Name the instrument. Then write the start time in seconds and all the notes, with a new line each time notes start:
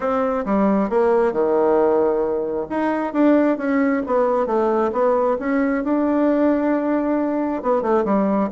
bassoon
0.00 C4
0.45 G3
0.89 A#3
1.32 D#3
2.69 D#4
3.13 D4
3.57 C#4
4.06 B3
4.46 A3
4.92 B3
5.39 C#4
5.84 D4
7.62 B3
7.82 A3
8.04 G3